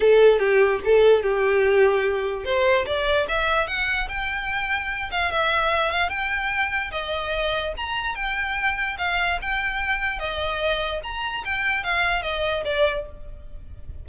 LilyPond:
\new Staff \with { instrumentName = "violin" } { \time 4/4 \tempo 4 = 147 a'4 g'4 a'4 g'4~ | g'2 c''4 d''4 | e''4 fis''4 g''2~ | g''8 f''8 e''4. f''8 g''4~ |
g''4 dis''2 ais''4 | g''2 f''4 g''4~ | g''4 dis''2 ais''4 | g''4 f''4 dis''4 d''4 | }